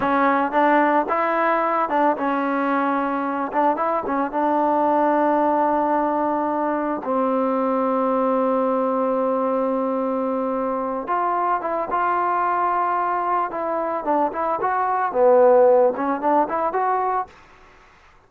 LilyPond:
\new Staff \with { instrumentName = "trombone" } { \time 4/4 \tempo 4 = 111 cis'4 d'4 e'4. d'8 | cis'2~ cis'8 d'8 e'8 cis'8 | d'1~ | d'4 c'2.~ |
c'1~ | c'8 f'4 e'8 f'2~ | f'4 e'4 d'8 e'8 fis'4 | b4. cis'8 d'8 e'8 fis'4 | }